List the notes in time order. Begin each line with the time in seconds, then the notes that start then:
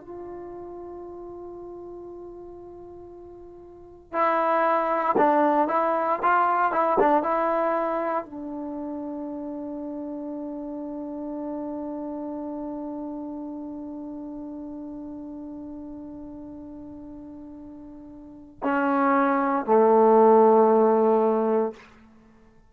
0.00 F4
4.12 E4
5.17 D4
5.68 E4
6.22 F4
6.72 E4
6.99 D4
7.23 E4
8.25 D4
18.63 C#4
19.66 A3